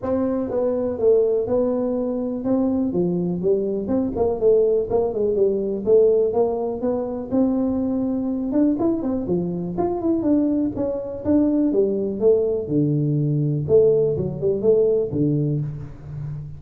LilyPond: \new Staff \with { instrumentName = "tuba" } { \time 4/4 \tempo 4 = 123 c'4 b4 a4 b4~ | b4 c'4 f4 g4 | c'8 ais8 a4 ais8 gis8 g4 | a4 ais4 b4 c'4~ |
c'4. d'8 e'8 c'8 f4 | f'8 e'8 d'4 cis'4 d'4 | g4 a4 d2 | a4 fis8 g8 a4 d4 | }